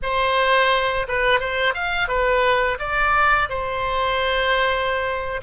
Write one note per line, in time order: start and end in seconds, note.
0.02 1.07 C5
1.08 1.40 B4
1.40 1.73 C5
1.73 2.08 F5
2.08 2.77 B4
2.79 3.49 D5
3.49 5.41 C5